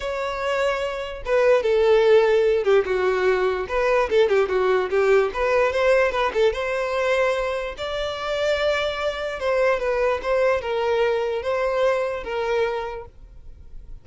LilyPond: \new Staff \with { instrumentName = "violin" } { \time 4/4 \tempo 4 = 147 cis''2. b'4 | a'2~ a'8 g'8 fis'4~ | fis'4 b'4 a'8 g'8 fis'4 | g'4 b'4 c''4 b'8 a'8 |
c''2. d''4~ | d''2. c''4 | b'4 c''4 ais'2 | c''2 ais'2 | }